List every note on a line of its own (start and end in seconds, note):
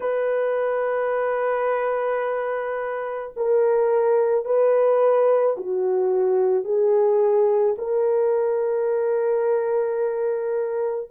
0.00 3.33 B4
3.36 4.44 A#4
4.44 5.56 B4
5.57 6.64 F#4
6.64 7.75 G#4
7.78 11.10 A#4